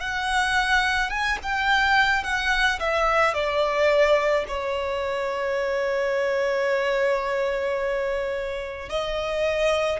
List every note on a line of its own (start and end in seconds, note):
0.00 1.10 F#5
1.10 1.37 G#5
1.42 2.23 G5
2.23 2.79 F#5
2.79 3.34 E5
3.34 4.45 D5
4.47 8.89 C#5
8.89 10.00 D#5